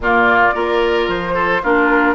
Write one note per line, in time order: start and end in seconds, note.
0.00 0.54 A#2
0.00 0.54 A#3
0.00 0.54 F4
0.00 1.09 D5
0.54 1.07 A#3
0.54 1.62 F4
0.54 1.34 A#4
1.07 1.61 F3
1.07 1.63 C5
1.34 1.61 A4
1.62 2.14 A#3
1.62 2.14 D4
1.62 2.14 F4
1.62 2.14 A#4